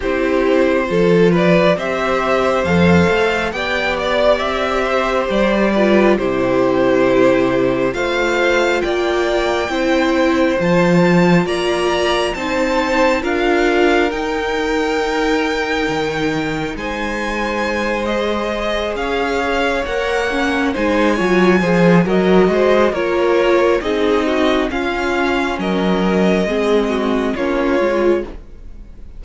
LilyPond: <<
  \new Staff \with { instrumentName = "violin" } { \time 4/4 \tempo 4 = 68 c''4. d''8 e''4 f''4 | g''8 d''8 e''4 d''4 c''4~ | c''4 f''4 g''2 | a''4 ais''4 a''4 f''4 |
g''2. gis''4~ | gis''8 dis''4 f''4 fis''4 gis''8~ | gis''4 dis''4 cis''4 dis''4 | f''4 dis''2 cis''4 | }
  \new Staff \with { instrumentName = "violin" } { \time 4/4 g'4 a'8 b'8 c''2 | d''4. c''4 b'8 g'4~ | g'4 c''4 d''4 c''4~ | c''4 d''4 c''4 ais'4~ |
ais'2. c''4~ | c''4. cis''2 c''8 | cis''8 c''8 ais'8 c''8 ais'4 gis'8 fis'8 | f'4 ais'4 gis'8 fis'8 f'4 | }
  \new Staff \with { instrumentName = "viola" } { \time 4/4 e'4 f'4 g'4 a'4 | g'2~ g'8 f'8 e'4~ | e'4 f'2 e'4 | f'2 dis'4 f'4 |
dis'1~ | dis'8 gis'2 ais'8 cis'8 dis'8 | f'8 gis'8 fis'4 f'4 dis'4 | cis'2 c'4 cis'8 f'8 | }
  \new Staff \with { instrumentName = "cello" } { \time 4/4 c'4 f4 c'4 f,8 a8 | b4 c'4 g4 c4~ | c4 a4 ais4 c'4 | f4 ais4 c'4 d'4 |
dis'2 dis4 gis4~ | gis4. cis'4 ais4 gis8 | fis8 f8 fis8 gis8 ais4 c'4 | cis'4 fis4 gis4 ais8 gis8 | }
>>